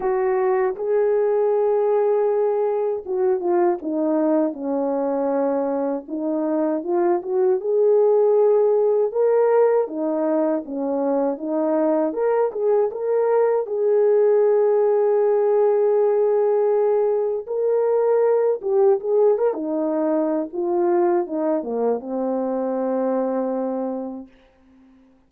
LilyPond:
\new Staff \with { instrumentName = "horn" } { \time 4/4 \tempo 4 = 79 fis'4 gis'2. | fis'8 f'8 dis'4 cis'2 | dis'4 f'8 fis'8 gis'2 | ais'4 dis'4 cis'4 dis'4 |
ais'8 gis'8 ais'4 gis'2~ | gis'2. ais'4~ | ais'8 g'8 gis'8 ais'16 dis'4~ dis'16 f'4 | dis'8 ais8 c'2. | }